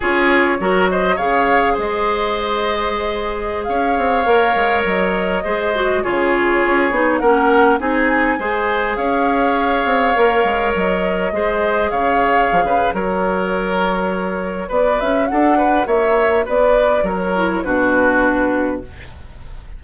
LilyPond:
<<
  \new Staff \with { instrumentName = "flute" } { \time 4/4 \tempo 4 = 102 cis''4. dis''8 f''4 dis''4~ | dis''2~ dis''16 f''4.~ f''16~ | f''16 dis''2 cis''4.~ cis''16~ | cis''16 fis''4 gis''2 f''8.~ |
f''2~ f''16 dis''4.~ dis''16~ | dis''16 f''4.~ f''16 cis''2~ | cis''4 d''8 e''8 fis''4 e''4 | d''4 cis''4 b'2 | }
  \new Staff \with { instrumentName = "oboe" } { \time 4/4 gis'4 ais'8 c''8 cis''4 c''4~ | c''2~ c''16 cis''4.~ cis''16~ | cis''4~ cis''16 c''4 gis'4.~ gis'16~ | gis'16 ais'4 gis'4 c''4 cis''8.~ |
cis''2.~ cis''16 c''8.~ | c''16 cis''4~ cis''16 b'8 ais'2~ | ais'4 b'4 a'8 b'8 cis''4 | b'4 ais'4 fis'2 | }
  \new Staff \with { instrumentName = "clarinet" } { \time 4/4 f'4 fis'4 gis'2~ | gis'2.~ gis'16 ais'8.~ | ais'4~ ais'16 gis'8 fis'8 f'4. dis'16~ | dis'16 cis'4 dis'4 gis'4.~ gis'16~ |
gis'4~ gis'16 ais'2 gis'8.~ | gis'2 fis'2~ | fis'1~ | fis'4. e'8 d'2 | }
  \new Staff \with { instrumentName = "bassoon" } { \time 4/4 cis'4 fis4 cis4 gis4~ | gis2~ gis16 cis'8 c'8 ais8 gis16~ | gis16 fis4 gis4 cis4 cis'8 b16~ | b16 ais4 c'4 gis4 cis'8.~ |
cis'8. c'8 ais8 gis8 fis4 gis8.~ | gis16 cis4 f16 cis8 fis2~ | fis4 b8 cis'8 d'4 ais4 | b4 fis4 b,2 | }
>>